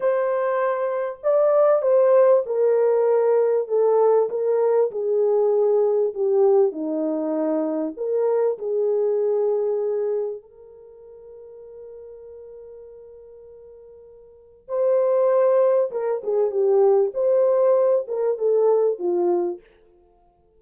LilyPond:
\new Staff \with { instrumentName = "horn" } { \time 4/4 \tempo 4 = 98 c''2 d''4 c''4 | ais'2 a'4 ais'4 | gis'2 g'4 dis'4~ | dis'4 ais'4 gis'2~ |
gis'4 ais'2.~ | ais'1 | c''2 ais'8 gis'8 g'4 | c''4. ais'8 a'4 f'4 | }